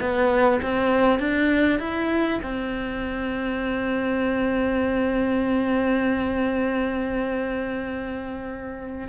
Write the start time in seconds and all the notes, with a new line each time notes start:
0.00 B3
0.62 C4
1.19 D4
1.80 E4
2.43 C4